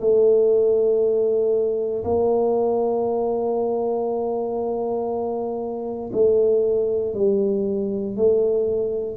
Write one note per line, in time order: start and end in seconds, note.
0.00 2.03 A3
2.04 6.11 A#3
6.12 7.14 A3
7.14 8.16 G3
8.16 9.16 A3